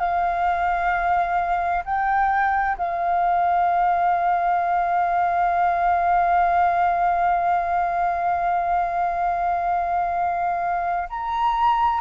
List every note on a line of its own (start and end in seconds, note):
0.00 1.85 F5
1.85 2.77 G5
2.78 11.09 F5
11.10 12.01 A#5